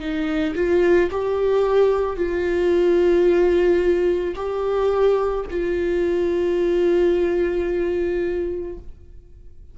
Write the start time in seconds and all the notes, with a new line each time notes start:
0.00 D#4
0.56 F4
1.11 G4
2.17 F4
4.36 G4
5.51 F4